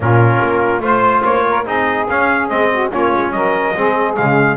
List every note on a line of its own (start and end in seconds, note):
0.00 0.40 A#2
0.00 0.81 C#4
0.00 0.83 F4
0.00 0.84 A#4
0.42 0.80 A#3
0.80 1.22 A3
0.80 1.64 F4
0.80 1.45 C5
0.80 1.24 C5
1.24 1.65 A#3
1.24 1.66 C#5
1.49 1.65 A#4
1.65 2.07 C4
1.65 2.06 D#4
1.65 2.69 G#4
1.65 2.08 D#5
2.09 2.49 C#4
2.09 2.50 C#4
2.09 2.49 F5
2.49 2.92 G#3
2.49 2.91 C4
2.49 2.90 D#5
2.70 2.90 F#4
2.90 3.13 A#3
2.90 3.75 C#4
2.90 3.32 F4
2.90 3.32 C#5
3.13 3.32 G#3
3.32 3.74 F#3
3.32 3.76 A#4
3.32 4.15 D#5
3.75 4.17 G#3
3.75 4.16 C4
3.75 4.57 G#4
4.16 4.57 C#3
4.16 4.57 G#3
4.16 4.57 F5